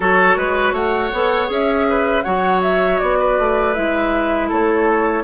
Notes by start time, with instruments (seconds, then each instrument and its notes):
0.00 bassoon F#3, clarinet F#4, oboe A4, flute C#5
0.36 bassoon G#3, oboe B4
0.72 bassoon A3, oboe C#5, flute F#5
1.12 bassoon B3, clarinet A4
1.47 bassoon C#4, clarinet G#4, flute E5
1.89 oboe B4
2.22 bassoon F#3, clarinet F#4, oboe C#5, flute F#5
2.61 flute E5
2.99 bassoon B3, flute D5
3.19 oboe B4
3.38 bassoon A3
3.73 bassoon G#3, clarinet E4, flute E5
4.48 bassoon A3, oboe A4, flute C#5